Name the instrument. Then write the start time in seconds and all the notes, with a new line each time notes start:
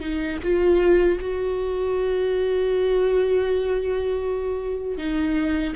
viola
0.00 D#4
0.43 F4
1.21 F#4
4.98 D#4